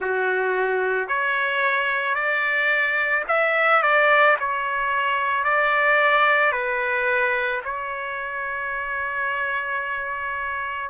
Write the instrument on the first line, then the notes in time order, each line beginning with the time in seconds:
trumpet
0.00 F#4
1.08 C#5
2.15 D5
3.28 E5
3.82 D5
4.39 C#5
5.43 D5
6.52 B4
7.64 C#5